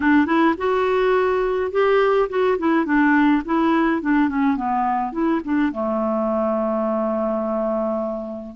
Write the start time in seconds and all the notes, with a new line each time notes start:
0.00 D4
0.26 E4
0.57 F#4
1.71 G4
2.29 F#4
2.58 E4
2.85 D4
3.45 E4
4.01 D4
4.29 C#4
4.56 B3
5.12 E4
5.44 D4
5.72 A3